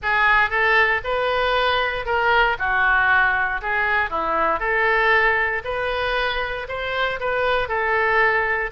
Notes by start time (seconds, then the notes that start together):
0.02 G#4
0.50 A4
1.04 B4
2.05 A#4
2.58 F#4
3.61 G#4
4.10 E4
4.59 A4
5.64 B4
6.68 C5
7.20 B4
7.68 A4